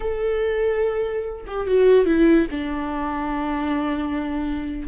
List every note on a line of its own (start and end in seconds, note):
0.00 1.45 A4
1.46 1.67 G4
1.67 2.05 F#4
2.05 2.47 E4
2.50 4.88 D4